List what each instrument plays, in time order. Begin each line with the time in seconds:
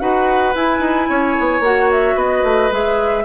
0.00 bassoon D#4, clarinet F#4, oboe B4, flute F#5
0.55 bassoon E4, clarinet E4, flute G#5
0.80 bassoon D#4
1.10 bassoon C#4, oboe C#5
1.40 bassoon B3
1.60 bassoon A#3, clarinet F#4, flute F#5
1.92 flute E5
2.16 bassoon B3, oboe B4, flute D#5
2.44 bassoon A3
2.71 bassoon G#3, clarinet G#4, flute E5